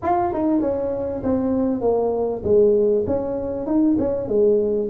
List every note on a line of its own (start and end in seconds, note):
0.02 0.33 F4
0.33 0.61 D#4
0.61 1.22 C#4
1.23 1.81 C4
1.81 2.42 A#3
2.44 3.05 G#3
3.06 3.66 C#4
3.66 3.96 D#4
3.99 4.28 C#4
4.28 4.89 G#3